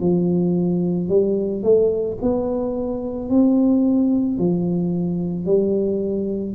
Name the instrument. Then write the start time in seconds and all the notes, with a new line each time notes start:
tuba
0.00 F3
1.09 G3
1.63 A3
2.22 B3
3.29 C4
4.38 F3
5.45 G3